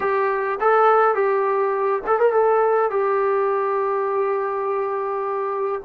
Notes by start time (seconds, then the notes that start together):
0.00 G4
0.60 A4
1.14 G4
2.07 A4
2.19 A#4
2.32 A4
2.90 G4